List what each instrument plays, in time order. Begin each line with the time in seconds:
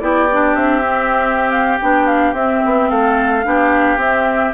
0.00 bassoon B3, clarinet E4, oboe G4, flute D5
0.32 clarinet D4
0.55 bassoon C4, flute E5
0.82 clarinet C4
1.51 flute F5
1.81 bassoon B3, clarinet D4, flute G5
2.07 flute F5
2.34 bassoon C4, clarinet C4, flute E5
2.65 bassoon B3
2.90 bassoon A3, oboe A4, flute F5
3.44 bassoon B3, clarinet D4, oboe G4
3.97 bassoon C4, clarinet C4, flute E5